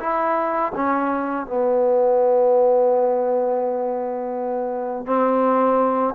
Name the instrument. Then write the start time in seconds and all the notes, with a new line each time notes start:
trombone
0.00 E4
0.75 C#4
1.46 B3
5.06 C4